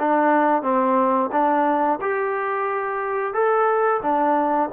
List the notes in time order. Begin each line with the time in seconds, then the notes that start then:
0.00 D4
0.63 C4
1.32 D4
2.01 G4
3.34 A4
4.02 D4